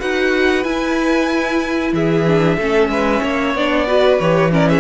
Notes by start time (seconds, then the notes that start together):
0.00 D#4 F#4 B4 F#5
0.64 E4 G#5
1.93 E3 G#4 E5
2.27 D4
2.58 A3 C#4 A4
2.89 G#3 B4
3.23 A#3 C#5
3.55 B3 D4 D5
3.87 F#4 B4
4.19 E3 G4 C#5
4.51 C#4 A#4 D5
4.70 G#4 E5